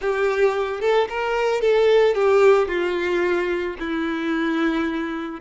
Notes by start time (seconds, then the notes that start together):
0.01 G4
0.80 A4
1.09 A#4
1.61 A4
2.14 G4
2.68 F4
3.79 E4